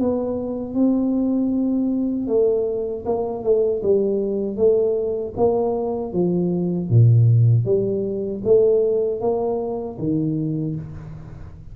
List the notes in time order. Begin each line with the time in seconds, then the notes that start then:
0.00 B3
0.74 C4
2.28 A3
3.06 A#3
3.43 A3
3.83 G3
4.57 A3
5.37 A#3
6.13 F3
6.90 A#2
7.65 G3
8.44 A3
9.21 A#3
9.99 D#3